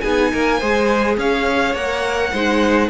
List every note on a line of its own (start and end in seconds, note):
0.00 0.32 B3
0.00 0.59 D#4
0.00 0.31 G#4
0.00 1.15 G#5
0.31 0.61 A#3
0.31 0.59 A#4
0.59 1.17 G#3
0.59 1.76 G#4
0.59 1.16 C5
1.17 1.74 C#4
1.17 2.32 C#5
1.17 1.75 F5
1.74 2.32 A#3
1.74 2.33 A#4
1.74 2.89 F#5
2.32 2.89 G#3
2.32 2.89 D#4
2.32 2.89 C5